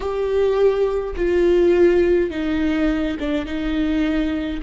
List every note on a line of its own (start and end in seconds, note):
0.00 1.14 G4
1.16 2.30 F4
2.30 3.17 D#4
3.19 3.45 D4
3.45 4.60 D#4